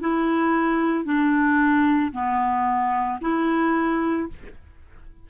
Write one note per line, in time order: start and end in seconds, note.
0.00 1.04 E4
1.04 2.11 D4
2.12 3.19 B3
3.20 4.28 E4